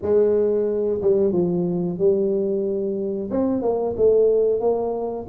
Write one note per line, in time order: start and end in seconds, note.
0.02 1.00 G#3
1.01 1.32 G3
1.32 1.98 F3
1.98 3.30 G3
3.30 3.62 C4
3.62 3.95 A#3
3.97 4.60 A3
4.60 5.26 A#3